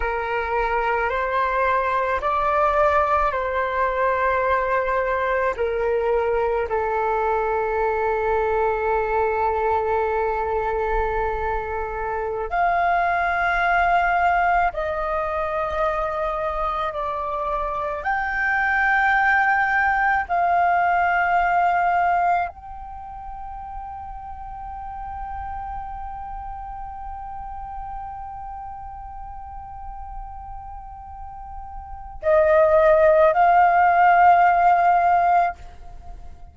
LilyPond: \new Staff \with { instrumentName = "flute" } { \time 4/4 \tempo 4 = 54 ais'4 c''4 d''4 c''4~ | c''4 ais'4 a'2~ | a'2.~ a'16 f''8.~ | f''4~ f''16 dis''2 d''8.~ |
d''16 g''2 f''4.~ f''16~ | f''16 g''2.~ g''8.~ | g''1~ | g''4 dis''4 f''2 | }